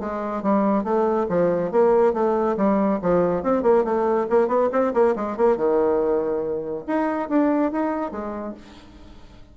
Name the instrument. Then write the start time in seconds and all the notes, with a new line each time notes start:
bassoon
0.00 G#3
0.43 G3
0.84 A3
1.29 F3
1.72 A#3
2.14 A3
2.57 G3
3.02 F3
3.43 C4
3.63 A#3
3.84 A3
4.30 A#3
4.48 B3
4.72 C4
4.94 A#3
5.16 G#3
5.37 A#3
5.57 D#3
6.87 D#4
7.29 D4
7.72 D#4
8.12 G#3